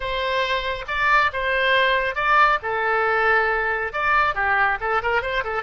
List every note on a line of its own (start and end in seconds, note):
0.00 0.85 C5
0.87 1.31 D5
1.32 2.15 C5
2.15 2.58 D5
2.62 3.92 A4
3.92 4.35 D5
4.35 4.78 G4
4.80 5.02 A4
5.02 5.22 A#4
5.22 5.43 C5
5.43 5.63 A4